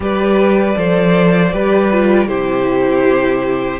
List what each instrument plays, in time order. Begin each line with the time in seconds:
0.00 cello G3, viola G4, violin B4 D5
0.75 cello F3, viola A4, violin C5
1.52 cello G3, viola G4, violin B4
1.91 viola F4
2.27 cello C3, viola E4, violin G4 C5